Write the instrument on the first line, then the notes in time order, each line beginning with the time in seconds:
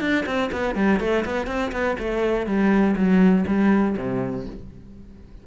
cello
0.00 D4
0.26 C4
0.52 B3
0.75 G3
1.00 A3
1.25 B3
1.47 C4
1.72 B3
1.99 A3
2.46 G3
2.96 F#3
3.47 G3
3.97 C3